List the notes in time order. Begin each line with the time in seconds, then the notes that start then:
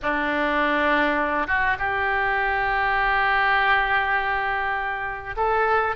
0.02 D4
1.47 F#4
1.78 G4
5.36 A4